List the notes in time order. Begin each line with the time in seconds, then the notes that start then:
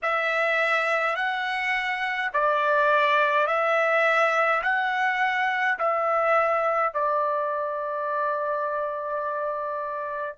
0.02 E5
1.15 F#5
2.33 D5
3.46 E5
4.63 F#5
5.78 E5
6.93 D5